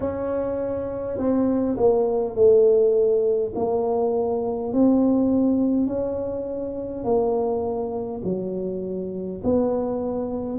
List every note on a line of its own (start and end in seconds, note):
0.00 1.17 C#4
1.17 1.76 C4
1.76 2.35 A#3
2.35 3.52 A3
3.55 4.72 A#3
4.73 5.87 C4
5.87 7.03 C#4
7.03 8.21 A#3
8.24 9.41 F#3
9.43 10.58 B3